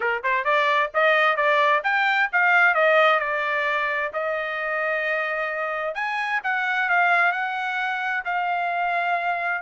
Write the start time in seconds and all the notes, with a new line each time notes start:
0.00 A#4
0.23 C5
0.44 D5
0.94 D#5
1.36 D5
1.83 G5
2.32 F5
2.74 D#5
3.19 D5
4.13 D#5
5.94 G#5
6.43 F#5
6.89 F5
7.32 F#5
8.24 F5